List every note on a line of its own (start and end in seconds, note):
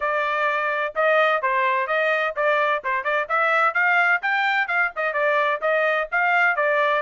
0.00 0.94 D5
0.95 1.42 D#5
1.42 1.87 C5
1.87 2.34 D#5
2.36 2.83 D5
2.84 3.03 C5
3.03 3.27 D5
3.28 3.74 E5
3.74 4.21 F5
4.21 4.67 G5
4.67 4.91 F5
4.96 5.13 D#5
5.13 5.60 D5
5.61 6.08 D#5
6.11 6.56 F5
6.56 7.02 D5